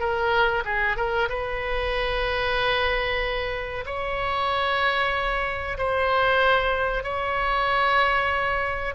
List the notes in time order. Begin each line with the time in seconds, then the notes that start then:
0.00 A#4
0.65 G#4
0.97 A#4
1.29 B4
3.86 C#5
5.78 C5
7.04 C#5